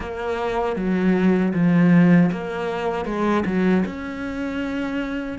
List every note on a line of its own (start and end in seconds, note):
0.00 0.76 A#3
0.76 1.52 F#3
1.53 2.30 F3
2.31 3.05 A#3
3.05 3.43 G#3
3.45 3.84 F#3
3.85 5.38 C#4